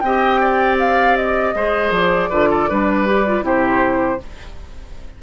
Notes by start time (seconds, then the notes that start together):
0.00 C4 G4 D#5 G5
0.41 D5
0.79 F5
1.16 D#5
1.55 G#3 G#4 C5
1.90 F3 D5
2.30 D3 F4 B4
2.50 A4
2.69 G3 D4 B4
3.06 G4
3.27 F4
3.42 C3 E4 G4 C5